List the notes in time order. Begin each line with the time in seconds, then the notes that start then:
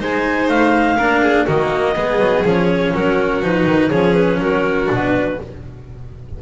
0.00 G#3 D#4 C5 G#5
0.48 A3 F5
0.97 A#3 D4 A#4
1.23 G#4
1.46 D#3 A#3 F#4 D#5
1.96 G#3 B3 G#4
2.19 F#3
2.44 F3 C#4 C#5
2.95 F#3 F#4 A#4
3.43 F3 D#4 B4
3.66 D#3
3.89 F3 C#4 G#4 C#5
4.15 B4
4.40 F#3 F#4 A#4
4.87 B2 D4
4.93 B4